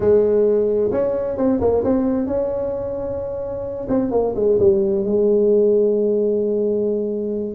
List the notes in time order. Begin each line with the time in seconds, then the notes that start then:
0.00 G#3
0.91 C#4
1.37 C4
1.60 A#3
1.84 C4
2.27 C#4
3.88 C4
4.11 A#3
4.35 G#3
4.59 G3
5.04 G#3